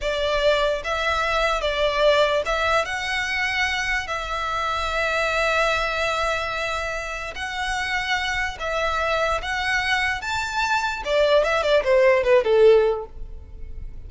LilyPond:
\new Staff \with { instrumentName = "violin" } { \time 4/4 \tempo 4 = 147 d''2 e''2 | d''2 e''4 fis''4~ | fis''2 e''2~ | e''1~ |
e''2 fis''2~ | fis''4 e''2 fis''4~ | fis''4 a''2 d''4 | e''8 d''8 c''4 b'8 a'4. | }